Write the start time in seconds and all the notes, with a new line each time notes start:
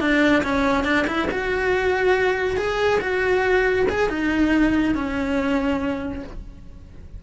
0.00 D4
0.43 C#4
0.84 D4
1.07 E4
1.31 F#4
2.57 G#4
3.00 F#4
3.89 G#4
4.09 D#4
4.95 C#4